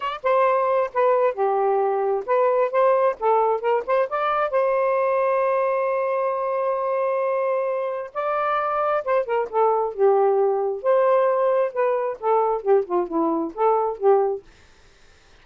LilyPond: \new Staff \with { instrumentName = "saxophone" } { \time 4/4 \tempo 4 = 133 d''8 c''4. b'4 g'4~ | g'4 b'4 c''4 a'4 | ais'8 c''8 d''4 c''2~ | c''1~ |
c''2 d''2 | c''8 ais'8 a'4 g'2 | c''2 b'4 a'4 | g'8 f'8 e'4 a'4 g'4 | }